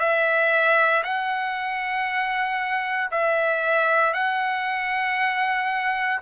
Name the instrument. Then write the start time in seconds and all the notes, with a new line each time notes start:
trumpet
0.00 E5
1.04 F#5
3.11 E5
4.14 F#5